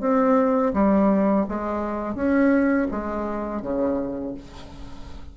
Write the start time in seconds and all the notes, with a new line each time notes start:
0.00 C4
0.73 G3
1.48 G#3
2.15 C#4
2.90 G#3
3.62 C#3